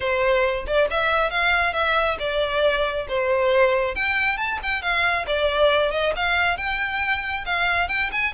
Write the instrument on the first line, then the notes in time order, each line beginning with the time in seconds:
violin
0.00 C5
0.66 D5
0.90 E5
1.30 F5
1.73 E5
2.19 D5
3.08 C5
3.95 G5
4.37 A5
4.62 G5
4.82 F5
5.27 D5
5.91 D#5
6.16 F5
6.57 G5
7.45 F5
7.88 G5
8.11 G#5